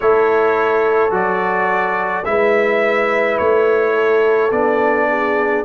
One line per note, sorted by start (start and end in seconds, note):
0.00 1.10 A3
0.00 1.10 E4
0.00 2.27 A4
0.00 1.13 C#5
1.10 2.23 F#3
1.10 2.24 F#4
1.10 2.24 D5
2.24 3.38 G#3
2.24 4.51 E4
2.24 3.95 B4
2.24 3.37 E5
3.38 4.51 A3
3.38 4.51 C#5
3.95 5.08 A4
4.51 5.64 B3
4.51 5.65 D4
4.51 5.64 D5
5.08 5.65 G#4